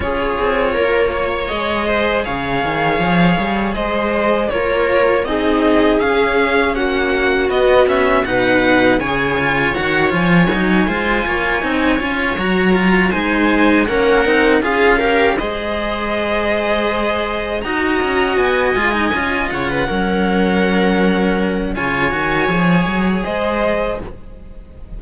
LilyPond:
<<
  \new Staff \with { instrumentName = "violin" } { \time 4/4 \tempo 4 = 80 cis''2 dis''4 f''4~ | f''4 dis''4 cis''4 dis''4 | f''4 fis''4 dis''8 e''8 fis''4 | gis''4 fis''8 gis''2~ gis''8~ |
gis''8 ais''4 gis''4 fis''4 f''8~ | f''8 dis''2. ais''8~ | ais''8 gis''4. fis''2~ | fis''4 gis''2 dis''4 | }
  \new Staff \with { instrumentName = "viola" } { \time 4/4 gis'4 ais'8 cis''4 c''8 cis''4~ | cis''4 c''4 ais'4 gis'4~ | gis'4 fis'2 b'4 | cis''2~ cis''8 c''8 cis''4~ |
cis''4. c''4 ais'4 gis'8 | ais'8 c''2. dis''8~ | dis''2 cis''16 b'16 ais'4.~ | ais'4 cis''2 c''4 | }
  \new Staff \with { instrumentName = "cello" } { \time 4/4 f'2 gis'2~ | gis'2 f'4 dis'4 | cis'2 b8 cis'8 dis'4 | gis'8 f'8 fis'8 f'8 dis'8 f'4 dis'8 |
f'8 fis'8 f'8 dis'4 cis'8 dis'8 f'8 | g'8 gis'2. fis'8~ | fis'4 f'16 dis'16 f'4 cis'4.~ | cis'4 f'8 fis'8 gis'2 | }
  \new Staff \with { instrumentName = "cello" } { \time 4/4 cis'8 c'8 ais4 gis4 cis8 dis8 | f8 g8 gis4 ais4 c'4 | cis'4 ais4 b4 b,4 | cis4 dis8 f8 fis8 gis8 ais8 c'8 |
cis'8 fis4 gis4 ais8 c'8 cis'8~ | cis'8 gis2. dis'8 | cis'8 b8 gis8 cis'8 cis8 fis4.~ | fis4 cis8 dis8 f8 fis8 gis4 | }
>>